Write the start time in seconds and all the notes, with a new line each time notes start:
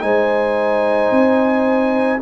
0.00 G#3 D#4 C5 G#5
1.11 C4